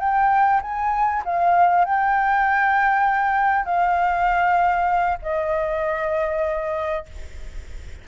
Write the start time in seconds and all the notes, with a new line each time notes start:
0.00 G5
0.62 G#5
1.25 F5
1.85 G5
3.65 F5
5.22 D#5